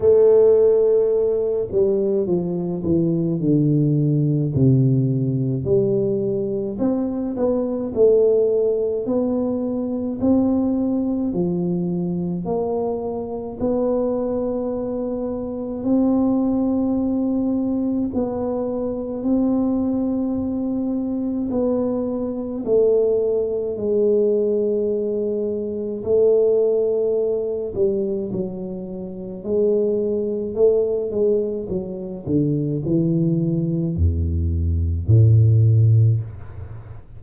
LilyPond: \new Staff \with { instrumentName = "tuba" } { \time 4/4 \tempo 4 = 53 a4. g8 f8 e8 d4 | c4 g4 c'8 b8 a4 | b4 c'4 f4 ais4 | b2 c'2 |
b4 c'2 b4 | a4 gis2 a4~ | a8 g8 fis4 gis4 a8 gis8 | fis8 d8 e4 e,4 a,4 | }